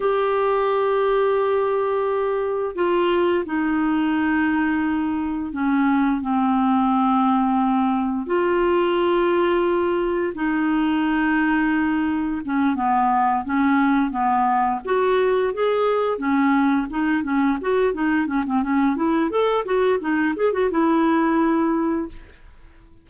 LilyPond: \new Staff \with { instrumentName = "clarinet" } { \time 4/4 \tempo 4 = 87 g'1 | f'4 dis'2. | cis'4 c'2. | f'2. dis'4~ |
dis'2 cis'8 b4 cis'8~ | cis'8 b4 fis'4 gis'4 cis'8~ | cis'8 dis'8 cis'8 fis'8 dis'8 cis'16 c'16 cis'8 e'8 | a'8 fis'8 dis'8 gis'16 fis'16 e'2 | }